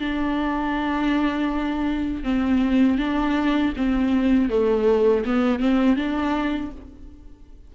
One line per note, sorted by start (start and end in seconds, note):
0.00 2.24 D4
2.24 2.98 C4
2.98 3.73 D4
3.77 4.50 C4
4.50 5.25 A3
5.25 5.60 B3
5.60 5.96 C4
5.96 6.71 D4